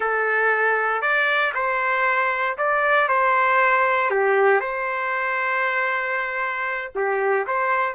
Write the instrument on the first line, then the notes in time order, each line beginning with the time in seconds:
trumpet
0.00 A4
1.01 D5
1.54 C5
2.57 D5
3.08 C5
4.10 G4
4.60 C5
6.95 G4
7.47 C5